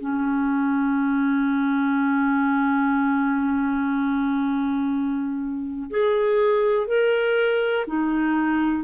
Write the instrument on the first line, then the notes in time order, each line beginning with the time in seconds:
clarinet
0.00 C#4
5.91 G#4
6.87 A#4
7.87 D#4